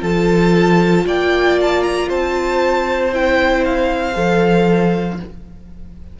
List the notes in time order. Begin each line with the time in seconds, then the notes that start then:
0.00 F3 F4 A4 A5
1.06 A#3 D5 G5
1.61 A5
1.82 A#5
2.08 C4 C5 A5
3.12 E4 G5
3.64 F5
4.13 F3 A4